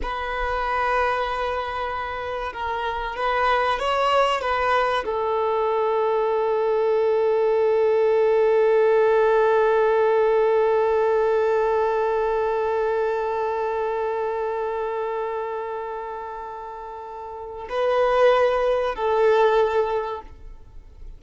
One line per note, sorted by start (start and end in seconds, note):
0.02 2.53 B4
2.53 3.16 A#4
3.16 3.79 B4
3.79 4.41 C#5
4.41 5.04 B4
5.05 17.68 A4
17.69 18.95 B4
18.95 20.21 A4